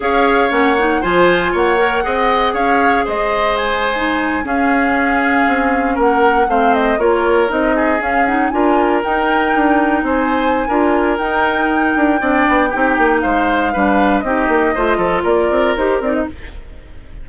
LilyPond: <<
  \new Staff \with { instrumentName = "flute" } { \time 4/4 \tempo 4 = 118 f''4 fis''4 gis''4 fis''4~ | fis''4 f''4 dis''4 gis''4~ | gis''8. f''2. fis''16~ | fis''8. f''8 dis''8 cis''4 dis''4 f''16~ |
f''16 fis''8 gis''4 g''2 gis''16~ | gis''2 g''2~ | g''2 f''2 | dis''2 d''4 c''8 d''16 dis''16 | }
  \new Staff \with { instrumentName = "oboe" } { \time 4/4 cis''2 c''4 cis''4 | dis''4 cis''4 c''2~ | c''8. gis'2. ais'16~ | ais'8. c''4 ais'4. gis'8.~ |
gis'8. ais'2. c''16~ | c''4 ais'2. | d''4 g'4 c''4 b'4 | g'4 c''8 a'8 ais'2 | }
  \new Staff \with { instrumentName = "clarinet" } { \time 4/4 gis'4 cis'8 dis'8 f'4. ais'8 | gis'2.~ gis'8. dis'16~ | dis'8. cis'2.~ cis'16~ | cis'8. c'4 f'4 dis'4 cis'16~ |
cis'16 dis'8 f'4 dis'2~ dis'16~ | dis'4 f'4 dis'2 | d'4 dis'2 d'4 | dis'4 f'2 g'8 dis'8 | }
  \new Staff \with { instrumentName = "bassoon" } { \time 4/4 cis'4 ais4 f4 ais4 | c'4 cis'4 gis2~ | gis8. cis'2 c'4 ais16~ | ais8. a4 ais4 c'4 cis'16~ |
cis'8. d'4 dis'4 d'4 c'16~ | c'4 d'4 dis'4. d'8 | c'8 b8 c'8 ais8 gis4 g4 | c'8 ais8 a8 f8 ais8 c'8 dis'8 c'8 | }
>>